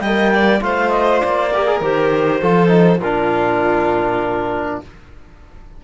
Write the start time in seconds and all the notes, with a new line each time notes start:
0.00 G3 A#3 D#5 G5
0.33 D5
0.60 A3 F4 C5 F5
0.89 D#5
1.19 A#3 D5
1.52 G4 A#4
1.66 G#4
1.80 D#3 G4 C5
2.41 F3 F4 A4
2.68 D#4
2.98 A#2 D4 F4 A#4